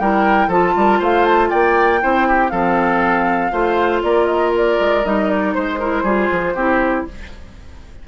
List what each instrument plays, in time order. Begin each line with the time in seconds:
0.00 bassoon G3, clarinet E4, oboe A#4, flute G5
0.48 bassoon F3, clarinet F4, oboe A4, flute A5
0.76 bassoon G3, oboe A#4
0.99 bassoon A3, oboe C5, flute F5
1.26 flute A5
1.50 bassoon A#3, oboe D5, flute G5
2.01 bassoon C4, clarinet E4, oboe C5
2.28 oboe G4
2.49 bassoon F3, clarinet C4, oboe A4, flute F5
3.52 bassoon A3, clarinet F4, oboe C5
4.03 bassoon A#3, oboe A#4, flute D5
4.26 flute D#5
4.58 flute D5
4.80 bassoon G#3
5.04 bassoon G3, clarinet D#4, flute D#5
5.30 flute D5
5.54 bassoon G#3, flute C5, oboe C5
5.80 clarinet E4, oboe A#4
6.03 bassoon G3, clarinet F4, oboe G#4
6.32 bassoon F3
6.55 bassoon C4, clarinet E4, oboe G4